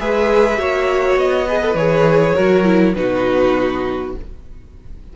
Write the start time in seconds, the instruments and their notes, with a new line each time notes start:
0.00 cello G#3, viola G#4, violin B4 E5
0.58 cello A#3, viola F#4, violin C#5
1.17 cello B3, violin D#5
1.48 viola G#4, violin B4
1.62 viola A4
1.74 cello E3, viola G#4, violin C#5
2.35 cello F#3, viola F#4, violin A#4
2.65 viola E4
2.94 cello B2, viola D#4, violin F#4 B4